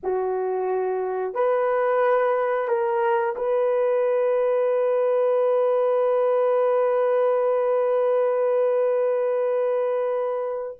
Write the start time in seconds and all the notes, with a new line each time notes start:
0.03 F#4
1.34 B4
2.68 A#4
3.36 B4